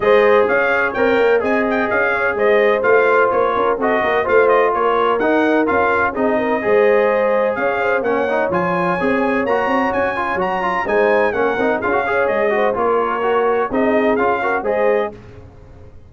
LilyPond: <<
  \new Staff \with { instrumentName = "trumpet" } { \time 4/4 \tempo 4 = 127 dis''4 f''4 g''4 gis''8 g''8 | f''4 dis''4 f''4 cis''4 | dis''4 f''8 dis''8 cis''4 fis''4 | f''4 dis''2. |
f''4 fis''4 gis''2 | ais''4 gis''4 ais''4 gis''4 | fis''4 f''4 dis''4 cis''4~ | cis''4 dis''4 f''4 dis''4 | }
  \new Staff \with { instrumentName = "horn" } { \time 4/4 c''4 cis''2 dis''4~ | dis''8 cis''8 c''2~ c''8 ais'8 | a'8 ais'8 c''4 ais'2~ | ais'4 gis'8 ais'8 c''2 |
cis''8 c''8 cis''2.~ | cis''2. c''4 | ais'4 gis'8 cis''4 c''8 ais'4~ | ais'4 gis'4. ais'8 c''4 | }
  \new Staff \with { instrumentName = "trombone" } { \time 4/4 gis'2 ais'4 gis'4~ | gis'2 f'2 | fis'4 f'2 dis'4 | f'4 dis'4 gis'2~ |
gis'4 cis'8 dis'8 f'4 gis'4 | fis'4. f'8 fis'8 f'8 dis'4 | cis'8 dis'8 f'16 fis'16 gis'4 fis'8 f'4 | fis'4 dis'4 f'8 fis'8 gis'4 | }
  \new Staff \with { instrumentName = "tuba" } { \time 4/4 gis4 cis'4 c'8 ais8 c'4 | cis'4 gis4 a4 ais8 cis'8 | c'8 ais8 a4 ais4 dis'4 | cis'4 c'4 gis2 |
cis'4 ais4 f4 c'4 | ais8 c'8 cis'4 fis4 gis4 | ais8 c'8 cis'4 gis4 ais4~ | ais4 c'4 cis'4 gis4 | }
>>